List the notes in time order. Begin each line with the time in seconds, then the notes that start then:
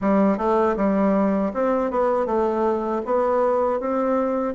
0.01 G3
0.37 A3
0.76 G3
1.53 C4
1.91 B3
2.26 A3
3.05 B3
3.80 C4